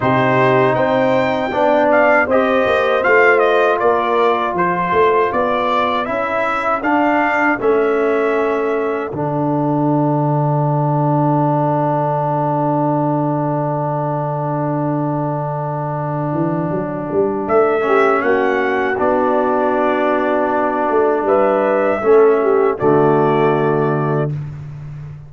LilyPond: <<
  \new Staff \with { instrumentName = "trumpet" } { \time 4/4 \tempo 4 = 79 c''4 g''4. f''8 dis''4 | f''8 dis''8 d''4 c''4 d''4 | e''4 f''4 e''2 | fis''1~ |
fis''1~ | fis''2. e''4 | fis''4 d''2. | e''2 d''2 | }
  \new Staff \with { instrumentName = "horn" } { \time 4/4 g'4 c''4 d''4 c''4~ | c''4 ais'4 a'2~ | a'1~ | a'1~ |
a'1~ | a'2.~ a'8 g'8 | fis'1 | b'4 a'8 g'8 fis'2 | }
  \new Staff \with { instrumentName = "trombone" } { \time 4/4 dis'2 d'4 g'4 | f'1 | e'4 d'4 cis'2 | d'1~ |
d'1~ | d'2.~ d'8 cis'8~ | cis'4 d'2.~ | d'4 cis'4 a2 | }
  \new Staff \with { instrumentName = "tuba" } { \time 4/4 c4 c'4 b4 c'8 ais8 | a4 ais4 f8 a8 b4 | cis'4 d'4 a2 | d1~ |
d1~ | d4. e8 fis8 g8 a4 | ais4 b2~ b8 a8 | g4 a4 d2 | }
>>